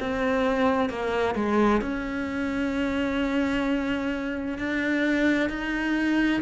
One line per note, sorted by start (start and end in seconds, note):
0.00 0.89 C4
0.89 1.35 A#3
1.35 1.81 G#3
1.81 4.58 C#4
4.58 5.49 D4
5.49 6.42 D#4